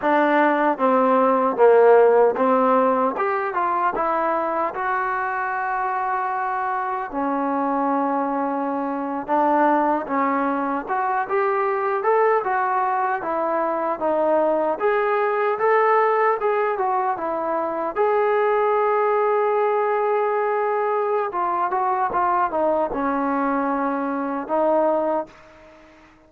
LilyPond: \new Staff \with { instrumentName = "trombone" } { \time 4/4 \tempo 4 = 76 d'4 c'4 ais4 c'4 | g'8 f'8 e'4 fis'2~ | fis'4 cis'2~ cis'8. d'16~ | d'8. cis'4 fis'8 g'4 a'8 fis'16~ |
fis'8. e'4 dis'4 gis'4 a'16~ | a'8. gis'8 fis'8 e'4 gis'4~ gis'16~ | gis'2. f'8 fis'8 | f'8 dis'8 cis'2 dis'4 | }